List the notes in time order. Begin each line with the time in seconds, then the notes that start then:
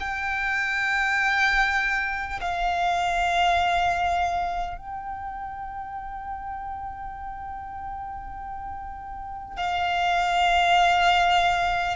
0.00 G5
2.41 F5
4.78 G5
9.57 F5